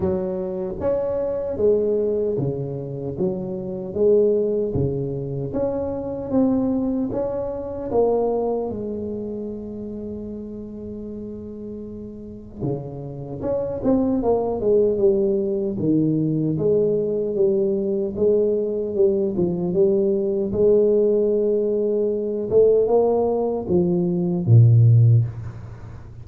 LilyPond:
\new Staff \with { instrumentName = "tuba" } { \time 4/4 \tempo 4 = 76 fis4 cis'4 gis4 cis4 | fis4 gis4 cis4 cis'4 | c'4 cis'4 ais4 gis4~ | gis1 |
cis4 cis'8 c'8 ais8 gis8 g4 | dis4 gis4 g4 gis4 | g8 f8 g4 gis2~ | gis8 a8 ais4 f4 ais,4 | }